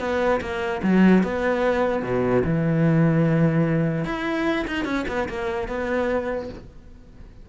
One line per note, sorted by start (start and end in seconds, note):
0.00 0.41 B3
0.41 0.81 A#3
0.83 1.23 F#3
1.23 2.03 B3
2.03 2.43 B2
2.44 4.05 E3
4.05 4.66 E4
4.67 4.85 D#4
4.85 5.05 C#4
5.08 5.29 B3
5.29 5.68 A#3
5.68 6.49 B3